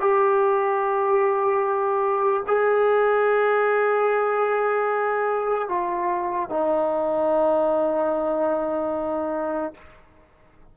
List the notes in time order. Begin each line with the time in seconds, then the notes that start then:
0.00 G4
2.47 G#4
5.68 F4
6.49 D#4